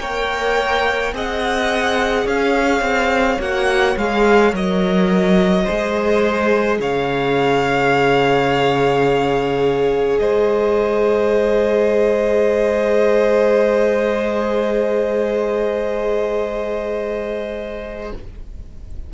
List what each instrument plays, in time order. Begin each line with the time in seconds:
0.00 cello A#3, viola A#4, violin C#5 G5
1.13 cello C4, viola G#4, violin D#5 F#5
2.26 cello C#4, violin C#5 F5
2.81 cello C4
3.39 cello A#3, viola F#4, violin F#5
3.97 cello G#3, viola G#4, violin F5
4.52 cello F#3, viola A#4, violin D#5
5.65 cello G#3, viola G#4, violin C5
6.80 cello C#3, violin C#5 F5
10.19 cello G#3, violin C5 D#5